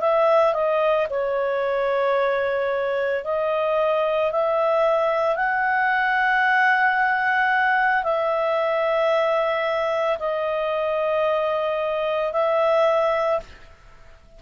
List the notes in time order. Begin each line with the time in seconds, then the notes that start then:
0.00 E5
0.53 D#5
1.10 C#5
3.24 D#5
4.31 E5
5.36 F#5
8.03 E5
10.19 D#5
12.33 E5